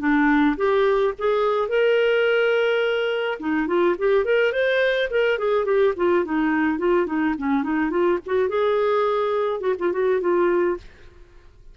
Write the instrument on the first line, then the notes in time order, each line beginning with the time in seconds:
clarinet
0.00 D4
0.57 G4
1.19 G#4
1.69 A#4
3.40 D#4
3.68 F4
3.99 G4
4.25 A#4
4.53 C5
5.11 A#4
5.39 G#4
5.66 G4
5.97 F4
6.25 D#4
6.79 F4
7.07 D#4
7.39 C#4
7.64 D#4
7.91 F4
8.26 F#4
8.49 G#4
9.61 F#4
9.79 F4
9.93 F#4
10.21 F4